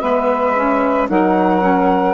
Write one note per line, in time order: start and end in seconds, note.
0.00 1.09 G#3
0.00 0.55 B3
0.00 1.08 B4
0.00 1.07 E5
0.56 1.09 C#4
1.09 2.14 F#3
1.09 1.61 D#4
1.09 2.14 A#4
1.09 2.14 F#5
1.61 2.14 C#4